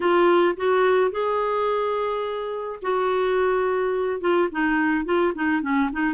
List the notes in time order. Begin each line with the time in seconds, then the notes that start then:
0.00 F4
0.57 F#4
1.11 G#4
2.81 F#4
4.20 F4
4.51 D#4
5.05 F4
5.34 D#4
5.62 C#4
5.92 D#4